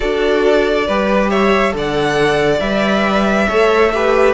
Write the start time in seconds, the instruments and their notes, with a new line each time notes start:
0.00 cello D4, viola F#4, violin A4 D5
0.87 cello G3, viola G4, violin B4
1.29 violin C#5 E5
1.71 cello D3, viola A4, violin D5
1.78 violin F#5
2.59 cello G3, viola B4, violin E5
3.47 cello A3, viola A4, violin C#5
3.94 viola G4, violin B4